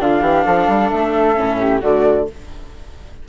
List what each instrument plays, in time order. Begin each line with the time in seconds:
0.00 bassoon D3, viola D4, flute F4 F5
0.21 bassoon E3, flute G4
0.45 bassoon F3, flute A4
0.68 bassoon G3
0.90 bassoon A3, flute E5
1.35 bassoon A2, viola C#4
1.60 flute G4
1.80 bassoon D3, viola A3, flute F#4 D5